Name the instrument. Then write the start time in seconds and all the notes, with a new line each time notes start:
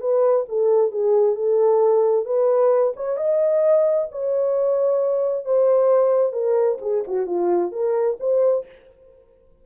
horn
0.00 B4
0.49 A4
0.91 G#4
1.35 A4
2.25 B4
2.96 C#5
3.17 D#5
4.12 C#5
5.45 C5
6.33 A#4
6.81 G#4
7.07 F#4
7.26 F4
7.72 A#4
8.20 C5